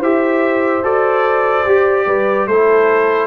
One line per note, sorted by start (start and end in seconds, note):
0.00 0.83 E4
0.00 0.83 G4
0.00 2.05 C5
0.00 0.84 E5
0.83 1.65 F#4
0.83 1.65 A4
0.83 2.47 D5
1.66 2.07 G4
1.66 2.50 G4
2.06 2.47 G3
2.06 2.47 B4
2.47 3.27 A3
2.47 3.27 E4
2.47 3.27 A4
2.47 3.27 C5